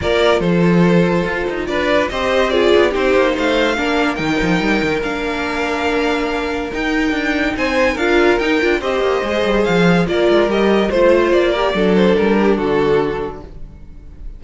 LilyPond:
<<
  \new Staff \with { instrumentName = "violin" } { \time 4/4 \tempo 4 = 143 d''4 c''2. | d''4 dis''4 d''4 c''4 | f''2 g''2 | f''1 |
g''2 gis''4 f''4 | g''4 dis''2 f''4 | d''4 dis''4 c''4 d''4~ | d''8 c''8 ais'4 a'2 | }
  \new Staff \with { instrumentName = "violin" } { \time 4/4 ais'4 a'2. | b'4 c''4 gis'4 g'4 | c''4 ais'2.~ | ais'1~ |
ais'2 c''4 ais'4~ | ais'4 c''2. | ais'2 c''4. ais'8 | a'4. g'8 fis'2 | }
  \new Staff \with { instrumentName = "viola" } { \time 4/4 f'1~ | f'4 g'4 f'4 dis'4~ | dis'4 d'4 dis'2 | d'1 |
dis'2. f'4 | dis'8 f'8 g'4 gis'2 | f'4 g'4 f'4. g'8 | d'1 | }
  \new Staff \with { instrumentName = "cello" } { \time 4/4 ais4 f2 f'8 dis'8 | d'4 c'4. b8 c'8 ais8 | a4 ais4 dis8 f8 g8 dis8 | ais1 |
dis'4 d'4 c'4 d'4 | dis'8 d'8 c'8 ais8 gis8 g8 f4 | ais8 gis8 g4 a4 ais4 | fis4 g4 d2 | }
>>